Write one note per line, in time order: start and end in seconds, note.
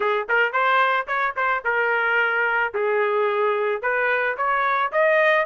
0.00 0.27 G#4
0.29 0.52 A#4
0.52 1.06 C5
1.07 1.34 C#5
1.36 1.63 C5
1.64 2.73 A#4
2.74 3.82 G#4
3.82 4.36 B4
4.37 4.91 C#5
4.92 5.45 D#5